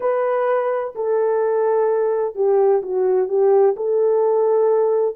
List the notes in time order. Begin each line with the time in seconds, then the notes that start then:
0.00 B4
0.95 A4
2.35 G4
2.82 F#4
3.28 G4
3.76 A4